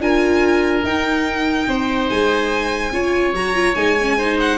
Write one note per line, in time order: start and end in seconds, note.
0.00 0.83 D4
0.00 0.84 F4
0.00 1.69 A#4
0.00 0.85 G#5
0.84 1.67 D#4
0.84 2.93 D#4
0.84 2.10 G5
1.68 2.10 C4
1.68 2.94 C5
2.10 2.92 G#3
2.10 3.35 G#5
2.92 3.33 C#4
2.92 3.35 F4
2.92 4.18 C#5
3.34 3.75 F#3
3.34 3.55 F#4
3.34 3.75 A#5
3.55 3.76 F4
3.75 4.58 G#3
3.75 3.97 D#4
3.75 4.38 G#5
4.01 4.20 C#4
4.18 4.58 D#4
4.18 4.58 C5
4.40 4.58 F#5